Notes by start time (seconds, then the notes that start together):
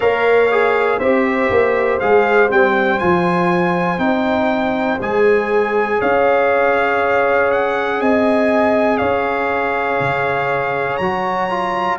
0.00 A#3 A#4 C#5 F5
0.51 G#4
0.98 C4 G4 C5 E5
1.50 A#3
1.99 G#3 G#4 F5
2.49 G3 C4 G5
2.99 F3 F4 G#5
3.98 C4 D#4 G5
5.00 G#3 G#4 G#5
5.98 C#4 C#5 F5
7.51 F#5
8.00 C4 D#5 G#5
8.97 C#4 C#5 F5
10.00 C#3
10.96 F#3 F#4 A#5
11.49 F4